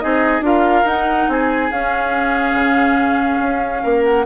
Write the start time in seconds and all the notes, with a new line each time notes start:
0.00 C4 D#4 G#4 D#5
0.41 D4 F4 A#4 F5
0.85 D#4 F#5
1.29 C4 G#4 G#5
1.72 C#4 F5
2.54 C#3
3.40 C#4
3.84 A#3 A#4
4.05 F#5